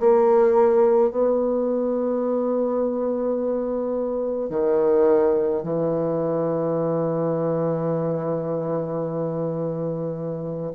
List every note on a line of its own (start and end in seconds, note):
0.00 1.11 A#3
1.11 4.50 B3
4.50 5.63 D#3
5.63 10.72 E3